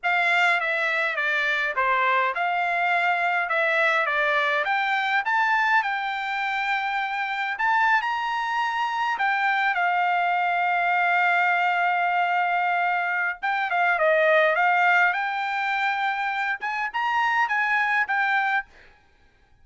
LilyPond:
\new Staff \with { instrumentName = "trumpet" } { \time 4/4 \tempo 4 = 103 f''4 e''4 d''4 c''4 | f''2 e''4 d''4 | g''4 a''4 g''2~ | g''4 a''8. ais''2 g''16~ |
g''8. f''2.~ f''16~ | f''2. g''8 f''8 | dis''4 f''4 g''2~ | g''8 gis''8 ais''4 gis''4 g''4 | }